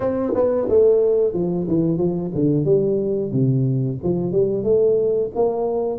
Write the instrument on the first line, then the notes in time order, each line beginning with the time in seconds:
tuba
0.00 C4
0.34 B3
0.68 A3
1.33 F3
1.67 E3
1.97 F3
2.34 D3
2.65 G3
3.32 C3
4.03 F3
4.32 G3
4.63 A3
5.35 A#3